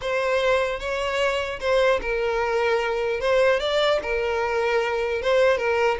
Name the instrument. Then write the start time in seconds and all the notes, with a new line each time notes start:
violin
0.01 C5
0.79 C#5
1.60 C5
2.01 A#4
3.20 C5
3.59 D5
4.02 A#4
5.22 C5
5.57 A#4